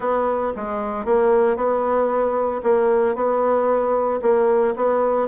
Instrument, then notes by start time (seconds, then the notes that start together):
bassoon
0.00 B3
0.56 G#3
1.05 A#3
1.56 B3
2.63 A#3
3.15 B3
4.22 A#3
4.76 B3